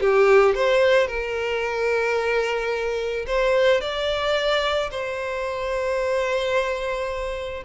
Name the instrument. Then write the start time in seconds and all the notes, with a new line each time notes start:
violin
0.00 G4
0.54 C5
1.07 A#4
3.26 C5
3.80 D5
4.90 C5